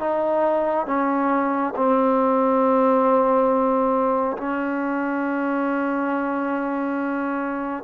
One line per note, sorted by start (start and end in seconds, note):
0.00 0.87 D#4
0.87 1.74 C#4
1.77 4.38 C4
4.38 7.84 C#4